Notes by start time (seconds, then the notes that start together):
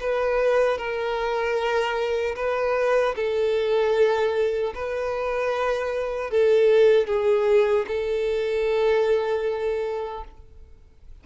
0.00 B4
0.78 A#4
2.36 B4
3.15 A4
4.75 B4
6.31 A4
7.07 G#4
7.87 A4